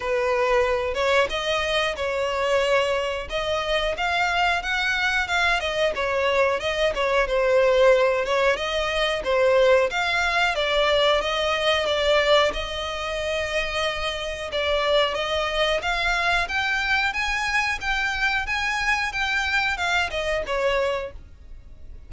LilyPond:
\new Staff \with { instrumentName = "violin" } { \time 4/4 \tempo 4 = 91 b'4. cis''8 dis''4 cis''4~ | cis''4 dis''4 f''4 fis''4 | f''8 dis''8 cis''4 dis''8 cis''8 c''4~ | c''8 cis''8 dis''4 c''4 f''4 |
d''4 dis''4 d''4 dis''4~ | dis''2 d''4 dis''4 | f''4 g''4 gis''4 g''4 | gis''4 g''4 f''8 dis''8 cis''4 | }